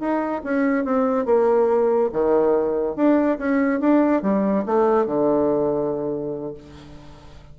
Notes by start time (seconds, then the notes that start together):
0.00 D#4
0.44 C#4
0.85 C4
1.26 A#3
2.13 D#3
2.96 D4
3.39 C#4
3.81 D4
4.23 G3
4.66 A3
5.07 D3